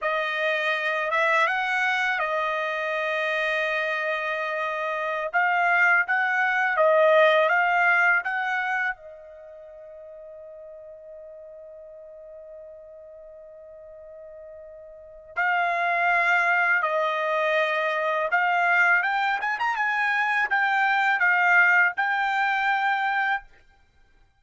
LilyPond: \new Staff \with { instrumentName = "trumpet" } { \time 4/4 \tempo 4 = 82 dis''4. e''8 fis''4 dis''4~ | dis''2.~ dis''16 f''8.~ | f''16 fis''4 dis''4 f''4 fis''8.~ | fis''16 dis''2.~ dis''8.~ |
dis''1~ | dis''4 f''2 dis''4~ | dis''4 f''4 g''8 gis''16 ais''16 gis''4 | g''4 f''4 g''2 | }